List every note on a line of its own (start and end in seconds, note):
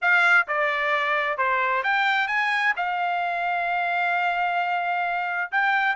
0.01 0.47 F5
0.47 1.37 D5
1.37 1.83 C5
1.83 2.27 G5
2.27 2.73 G#5
2.76 5.51 F5
5.51 5.95 G5